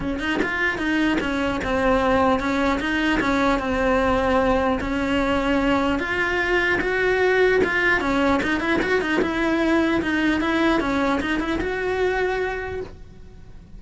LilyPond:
\new Staff \with { instrumentName = "cello" } { \time 4/4 \tempo 4 = 150 cis'8 dis'8 f'4 dis'4 cis'4 | c'2 cis'4 dis'4 | cis'4 c'2. | cis'2. f'4~ |
f'4 fis'2 f'4 | cis'4 dis'8 e'8 fis'8 dis'8 e'4~ | e'4 dis'4 e'4 cis'4 | dis'8 e'8 fis'2. | }